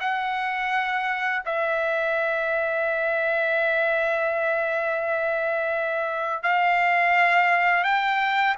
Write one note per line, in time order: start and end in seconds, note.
0.00 1.43 F#5
1.45 6.43 E5
6.43 7.84 F5
7.84 8.55 G5